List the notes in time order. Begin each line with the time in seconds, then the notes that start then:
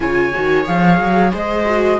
0.00 C#3 F4 C#5 G#5
0.34 D#3 F#4
0.63 F3 G#4 F5
0.99 F#3
1.32 G#3 C5 D#5
1.65 F#4